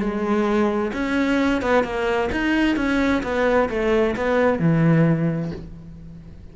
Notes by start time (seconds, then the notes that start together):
0.00 G#3
0.93 C#4
1.62 B3
1.84 A#3
2.32 D#4
2.77 C#4
3.23 B3
3.70 A3
4.16 B3
4.59 E3